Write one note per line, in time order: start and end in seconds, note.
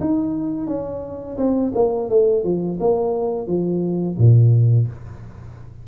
0.00 0.67 D#4
0.67 1.37 C#4
1.37 1.72 C4
1.74 2.09 A#3
2.09 2.44 A3
2.44 2.78 F3
2.80 3.47 A#3
3.47 4.17 F3
4.18 4.87 A#2